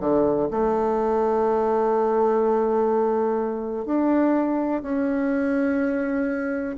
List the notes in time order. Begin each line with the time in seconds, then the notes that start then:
0.00 D3
0.50 A3
3.85 D4
4.82 C#4